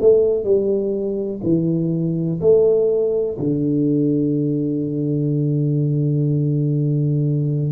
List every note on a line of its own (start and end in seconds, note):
0.00 0.44 A3
0.44 1.40 G3
1.43 2.40 E3
2.41 3.37 A3
3.39 7.72 D3